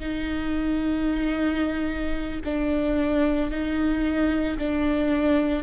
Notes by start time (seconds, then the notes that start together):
0.00 D#4
2.45 D4
3.51 D#4
4.59 D4